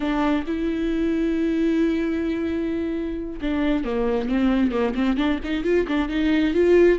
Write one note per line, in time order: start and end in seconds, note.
0.00 0.44 D4
0.46 3.40 E4
3.41 3.84 D4
3.84 4.28 A#3
4.28 4.71 C4
4.71 4.94 A#3
4.95 5.17 C4
5.17 5.39 D4
5.44 5.64 D#4
5.64 5.86 F4
5.87 6.08 D4
6.08 6.54 D#4
6.54 6.98 F4